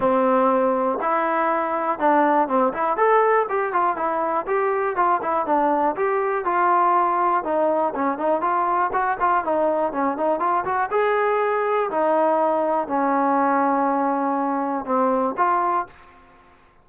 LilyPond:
\new Staff \with { instrumentName = "trombone" } { \time 4/4 \tempo 4 = 121 c'2 e'2 | d'4 c'8 e'8 a'4 g'8 f'8 | e'4 g'4 f'8 e'8 d'4 | g'4 f'2 dis'4 |
cis'8 dis'8 f'4 fis'8 f'8 dis'4 | cis'8 dis'8 f'8 fis'8 gis'2 | dis'2 cis'2~ | cis'2 c'4 f'4 | }